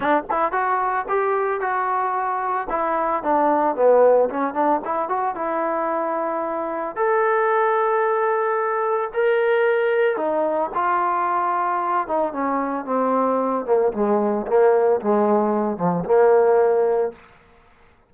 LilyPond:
\new Staff \with { instrumentName = "trombone" } { \time 4/4 \tempo 4 = 112 d'8 e'8 fis'4 g'4 fis'4~ | fis'4 e'4 d'4 b4 | cis'8 d'8 e'8 fis'8 e'2~ | e'4 a'2.~ |
a'4 ais'2 dis'4 | f'2~ f'8 dis'8 cis'4 | c'4. ais8 gis4 ais4 | gis4. f8 ais2 | }